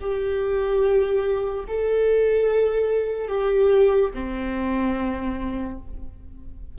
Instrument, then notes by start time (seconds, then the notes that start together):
viola
0.00 G4
1.67 A4
3.28 G4
4.14 C4